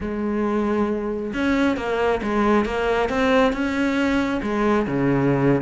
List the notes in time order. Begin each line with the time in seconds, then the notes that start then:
0.00 G#3
1.33 C#4
1.76 A#3
2.23 G#3
2.65 A#3
3.09 C4
3.52 C#4
4.42 G#3
4.86 C#3